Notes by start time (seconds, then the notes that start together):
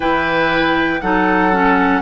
0.00 E3 E4 B4 G5
1.00 F#3 D#4 A4 F#5
1.52 C#4